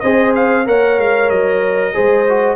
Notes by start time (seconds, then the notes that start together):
0.00 C4 G#4 C5 D#5
0.35 F5
0.66 A#3 A#4 C#5 F#5
0.98 G#3 F5
1.30 F#3 D#5
1.93 G#3 G#4 C5
2.29 F#4